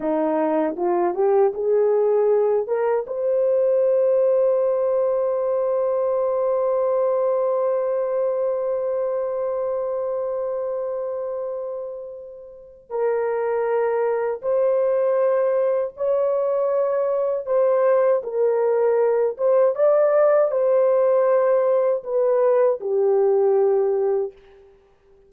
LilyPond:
\new Staff \with { instrumentName = "horn" } { \time 4/4 \tempo 4 = 79 dis'4 f'8 g'8 gis'4. ais'8 | c''1~ | c''1~ | c''1~ |
c''4 ais'2 c''4~ | c''4 cis''2 c''4 | ais'4. c''8 d''4 c''4~ | c''4 b'4 g'2 | }